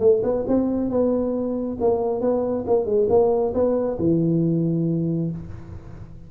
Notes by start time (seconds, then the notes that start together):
0.00 A3
0.23 B3
0.47 C4
0.90 B3
1.80 A#3
2.21 B3
2.67 A#3
2.86 G#3
3.09 A#3
3.54 B3
3.99 E3